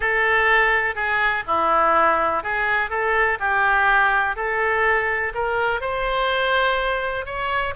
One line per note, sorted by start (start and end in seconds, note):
0.00 0.95 A4
0.95 1.43 G#4
1.46 2.43 E4
2.43 2.90 G#4
2.90 3.38 A4
3.39 4.35 G4
4.35 5.32 A4
5.34 5.81 A#4
5.81 7.25 C5
7.25 7.74 C#5